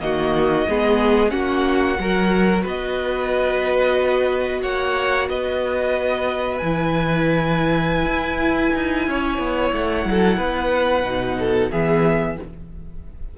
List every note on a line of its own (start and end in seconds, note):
0.00 0.67 D#3
0.00 0.66 A#3
0.00 0.69 F#4
0.00 1.30 D#5
0.68 1.33 G#3
0.68 1.30 B3
0.68 1.33 G#4
1.30 1.98 A#3
1.30 1.96 C#4
1.30 1.99 F#4
1.30 2.62 F#5
1.98 2.64 F#3
1.98 6.61 F#4
1.98 2.63 A#4
2.63 4.63 B3
2.63 4.61 B4
2.63 4.62 D#5
4.62 5.29 A#3
4.62 5.28 C#5
4.62 5.28 F#5
5.29 6.61 B3
5.29 9.09 B4
5.29 6.58 D#5
6.58 8.05 E3
6.58 11.04 E4
6.58 9.71 G#5
8.05 8.71 E4
8.75 9.07 D#4
9.07 9.38 C#4
9.07 10.08 C#5
9.38 9.71 B3
9.73 10.05 A3
9.73 11.71 F#5
10.05 10.37 F#3
10.05 10.37 A4
10.37 11.03 B3
10.37 11.36 B4
11.04 11.70 B2
11.04 11.70 D#4
11.39 11.71 A4
11.71 12.38 E3
11.71 12.37 B3
11.71 12.37 G#4
11.71 12.37 E5